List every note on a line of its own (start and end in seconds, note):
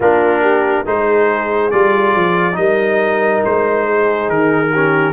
0.00 0.84 A#3
0.00 0.85 D4
0.00 0.41 F4
0.00 0.86 A#4
0.41 0.84 G4
0.85 1.71 G#3
0.85 1.71 D#4
0.85 2.58 G#4
0.85 1.70 C5
1.70 2.15 G3
1.70 2.52 F4
1.70 2.56 D5
2.15 2.57 F3
2.52 3.43 G3
2.52 4.67 D#4
2.52 3.86 A#4
2.52 3.42 D#5
3.44 4.28 G#3
3.44 4.29 C5
3.86 4.71 G#4
4.28 5.12 D#3
4.28 5.12 A#4
4.71 5.12 C#4
4.71 5.12 G4